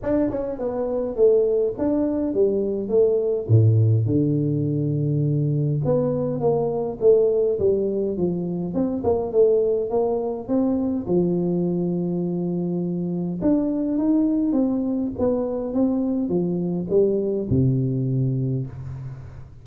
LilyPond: \new Staff \with { instrumentName = "tuba" } { \time 4/4 \tempo 4 = 103 d'8 cis'8 b4 a4 d'4 | g4 a4 a,4 d4~ | d2 b4 ais4 | a4 g4 f4 c'8 ais8 |
a4 ais4 c'4 f4~ | f2. d'4 | dis'4 c'4 b4 c'4 | f4 g4 c2 | }